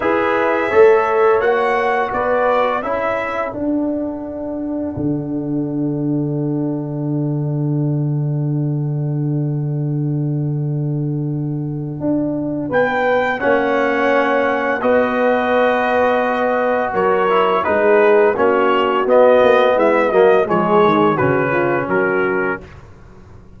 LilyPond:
<<
  \new Staff \with { instrumentName = "trumpet" } { \time 4/4 \tempo 4 = 85 e''2 fis''4 d''4 | e''4 fis''2.~ | fis''1~ | fis''1~ |
fis''2 g''4 fis''4~ | fis''4 dis''2. | cis''4 b'4 cis''4 dis''4 | e''8 dis''8 cis''4 b'4 ais'4 | }
  \new Staff \with { instrumentName = "horn" } { \time 4/4 b'4 cis''2 b'4 | a'1~ | a'1~ | a'1~ |
a'2 b'4 cis''4~ | cis''4 b'2. | ais'4 gis'4 fis'2 | e'8 fis'8 gis'4 fis'8 f'8 fis'4 | }
  \new Staff \with { instrumentName = "trombone" } { \time 4/4 gis'4 a'4 fis'2 | e'4 d'2.~ | d'1~ | d'1~ |
d'2. cis'4~ | cis'4 fis'2.~ | fis'8 e'8 dis'4 cis'4 b4~ | b8 ais8 gis4 cis'2 | }
  \new Staff \with { instrumentName = "tuba" } { \time 4/4 e'4 a4 ais4 b4 | cis'4 d'2 d4~ | d1~ | d1~ |
d4 d'4 b4 ais4~ | ais4 b2. | fis4 gis4 ais4 b8 ais8 | gis8 fis8 f8 dis8 cis4 fis4 | }
>>